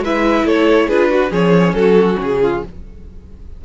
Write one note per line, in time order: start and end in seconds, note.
0.00 0.43 G#3
0.00 0.91 E4
0.00 0.46 B4
0.00 0.47 E5
0.44 0.87 A3
0.44 0.87 A4
0.44 0.89 C#5
0.87 1.31 D4
0.87 1.13 F4
0.87 1.09 G#4
0.87 1.32 B4
1.09 1.30 F#4
1.30 1.74 F3
1.30 2.60 C#4
1.30 1.74 G#4
1.30 1.74 C#5
1.74 2.17 F#3
1.74 2.42 F#4
1.74 2.17 A4
2.20 2.63 C#3
2.20 2.65 G#4
2.42 2.64 F4